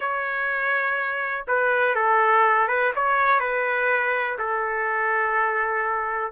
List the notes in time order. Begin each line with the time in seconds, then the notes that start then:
0.00 C#5
1.47 B4
1.95 A4
2.68 B4
2.95 C#5
3.39 B4
4.38 A4